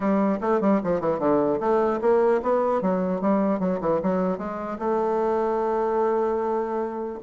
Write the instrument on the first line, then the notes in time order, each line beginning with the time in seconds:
bassoon
0.00 G3
0.40 A3
0.60 G3
0.83 F3
1.00 E3
1.19 D3
1.60 A3
2.01 A#3
2.42 B3
2.81 F#3
3.21 G3
3.59 F#3
3.80 E3
4.02 F#3
4.37 G#3
4.79 A3